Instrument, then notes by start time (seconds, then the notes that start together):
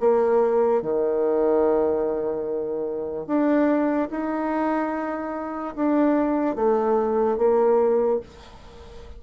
bassoon
0.00 A#3
0.82 D#3
3.27 D4
4.10 D#4
5.76 D4
6.55 A3
7.37 A#3